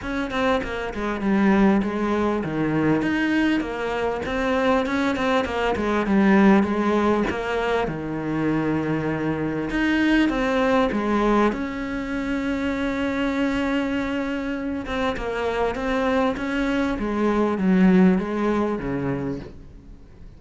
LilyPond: \new Staff \with { instrumentName = "cello" } { \time 4/4 \tempo 4 = 99 cis'8 c'8 ais8 gis8 g4 gis4 | dis4 dis'4 ais4 c'4 | cis'8 c'8 ais8 gis8 g4 gis4 | ais4 dis2. |
dis'4 c'4 gis4 cis'4~ | cis'1~ | cis'8 c'8 ais4 c'4 cis'4 | gis4 fis4 gis4 cis4 | }